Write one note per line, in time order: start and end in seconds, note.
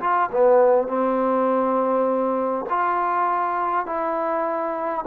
0.00 0.30 F4
0.31 0.87 B3
0.87 2.66 C4
2.69 3.86 F4
3.86 5.05 E4